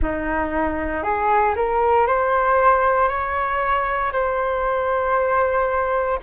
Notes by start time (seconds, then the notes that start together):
0.01 D#4
1.03 G#4
1.55 A#4
2.06 C5
3.08 C#5
4.12 C5